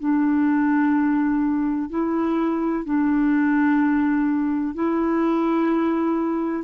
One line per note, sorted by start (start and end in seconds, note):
0.00 1.90 D4
1.90 2.85 E4
2.85 4.75 D4
4.75 6.65 E4